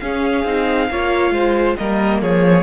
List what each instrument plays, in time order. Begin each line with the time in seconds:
0.00 cello C#4, viola C#4, violin G#4 F5
0.45 cello C4, viola D#4
0.90 cello A#3, viola F4, violin C#5
1.31 cello G#3, violin C5
1.77 cello G3, viola A#3, violin A#4 D#5
2.21 cello F3, violin G#4 C#5